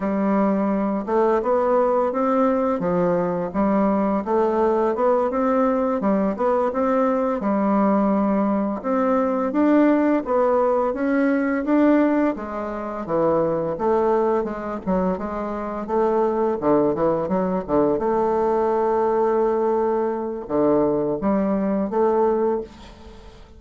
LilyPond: \new Staff \with { instrumentName = "bassoon" } { \time 4/4 \tempo 4 = 85 g4. a8 b4 c'4 | f4 g4 a4 b8 c'8~ | c'8 g8 b8 c'4 g4.~ | g8 c'4 d'4 b4 cis'8~ |
cis'8 d'4 gis4 e4 a8~ | a8 gis8 fis8 gis4 a4 d8 | e8 fis8 d8 a2~ a8~ | a4 d4 g4 a4 | }